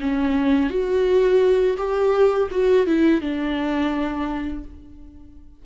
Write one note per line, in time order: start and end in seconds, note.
0.00 0.69 C#4
0.69 1.77 F#4
1.77 2.49 G4
2.51 2.86 F#4
2.86 3.21 E4
3.21 4.64 D4